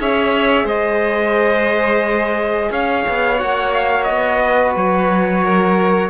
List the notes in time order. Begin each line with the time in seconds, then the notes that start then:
0.00 C#4 G#4 C#5 E5
0.65 G#3 C5 D#5
2.71 C#4 C#5 F5
3.09 B3
3.39 A#3 F#4 F#5
3.74 F5
4.04 B3 D#5
4.43 B4
4.76 F#3 C#5
5.44 A#4